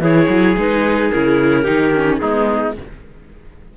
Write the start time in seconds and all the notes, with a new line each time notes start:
0.00 E3 E4 G#4 C#5
0.29 F#3
0.57 G#3 D#4 B4
1.11 C#3 E4 A#4
1.64 D#3 D#4 G4
1.95 C#4
2.17 B3 D#4 G#4
2.23 G#3